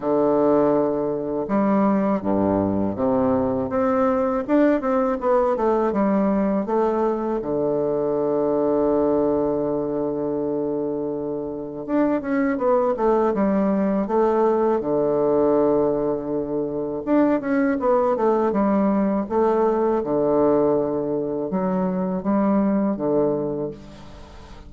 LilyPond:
\new Staff \with { instrumentName = "bassoon" } { \time 4/4 \tempo 4 = 81 d2 g4 g,4 | c4 c'4 d'8 c'8 b8 a8 | g4 a4 d2~ | d1 |
d'8 cis'8 b8 a8 g4 a4 | d2. d'8 cis'8 | b8 a8 g4 a4 d4~ | d4 fis4 g4 d4 | }